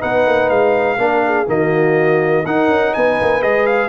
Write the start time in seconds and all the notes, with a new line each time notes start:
0.00 B3 D#4 B4 F#5
0.27 A#3
0.50 G#3 F5
0.98 A#3 D4 A#4
1.26 G#4
1.47 D#3 A#3 F#4 D#5
2.45 D#4 A#4 F#5
2.68 C#4
2.93 B3 B4 G#5
3.21 A#3
3.42 G#3 G#4 D#5
3.67 F5